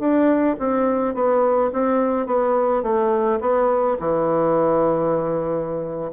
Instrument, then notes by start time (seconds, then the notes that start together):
bassoon
0.00 D4
0.59 C4
1.15 B3
1.73 C4
2.27 B3
2.84 A3
3.41 B3
4.00 E3